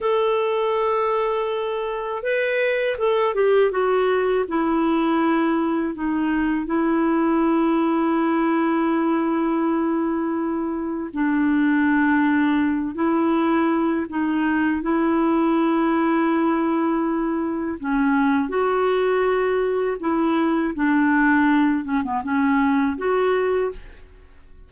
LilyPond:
\new Staff \with { instrumentName = "clarinet" } { \time 4/4 \tempo 4 = 81 a'2. b'4 | a'8 g'8 fis'4 e'2 | dis'4 e'2.~ | e'2. d'4~ |
d'4. e'4. dis'4 | e'1 | cis'4 fis'2 e'4 | d'4. cis'16 b16 cis'4 fis'4 | }